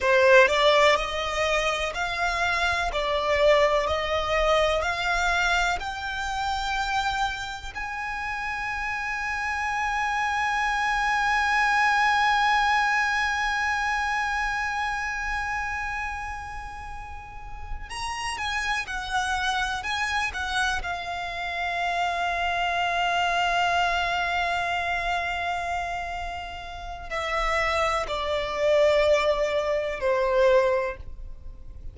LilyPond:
\new Staff \with { instrumentName = "violin" } { \time 4/4 \tempo 4 = 62 c''8 d''8 dis''4 f''4 d''4 | dis''4 f''4 g''2 | gis''1~ | gis''1~ |
gis''2~ gis''8 ais''8 gis''8 fis''8~ | fis''8 gis''8 fis''8 f''2~ f''8~ | f''1 | e''4 d''2 c''4 | }